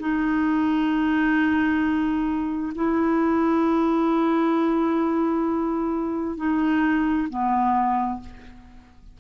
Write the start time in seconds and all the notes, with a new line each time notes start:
0.00 D#4
2.75 E4
6.37 D#4
7.29 B3